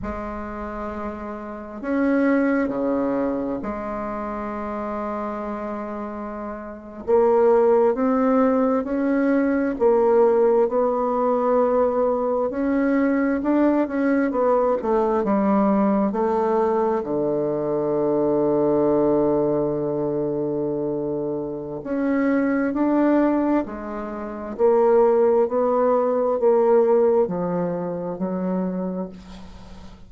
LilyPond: \new Staff \with { instrumentName = "bassoon" } { \time 4/4 \tempo 4 = 66 gis2 cis'4 cis4 | gis2.~ gis8. ais16~ | ais8. c'4 cis'4 ais4 b16~ | b4.~ b16 cis'4 d'8 cis'8 b16~ |
b16 a8 g4 a4 d4~ d16~ | d1 | cis'4 d'4 gis4 ais4 | b4 ais4 f4 fis4 | }